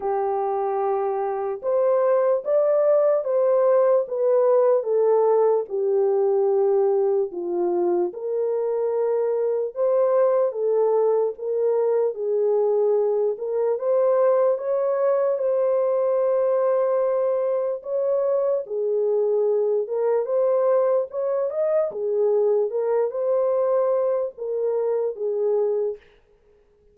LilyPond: \new Staff \with { instrumentName = "horn" } { \time 4/4 \tempo 4 = 74 g'2 c''4 d''4 | c''4 b'4 a'4 g'4~ | g'4 f'4 ais'2 | c''4 a'4 ais'4 gis'4~ |
gis'8 ais'8 c''4 cis''4 c''4~ | c''2 cis''4 gis'4~ | gis'8 ais'8 c''4 cis''8 dis''8 gis'4 | ais'8 c''4. ais'4 gis'4 | }